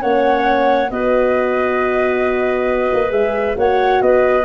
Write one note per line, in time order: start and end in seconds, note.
0.00 0.90 A#3
0.00 0.89 C#4
0.00 0.90 C#5
0.00 0.90 F#5
0.90 2.90 B3
0.90 3.09 F#4
0.90 3.58 B4
0.90 3.11 D#5
2.93 3.12 A#3
3.09 3.56 G#3
3.09 3.53 G#4
3.09 3.56 E5
3.55 4.01 A#3
3.55 4.44 F#4
3.55 4.02 C#5
3.55 4.02 F#5
4.02 4.45 B3
4.02 4.45 B4
4.02 4.45 D#5